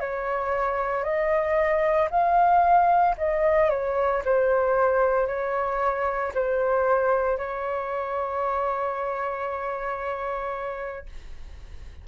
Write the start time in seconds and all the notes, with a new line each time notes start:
0.00 C#5
1.03 D#5
2.10 F5
3.17 D#5
3.70 C#5
4.25 C5
5.27 C#5
6.34 C5
7.37 C#5